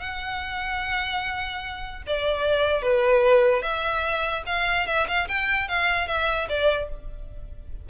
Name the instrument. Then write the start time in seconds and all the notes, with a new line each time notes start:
violin
0.00 F#5
2.07 D5
2.82 B4
3.62 E5
4.46 F5
4.87 E5
5.08 F5
5.28 G5
5.68 F5
6.07 E5
6.49 D5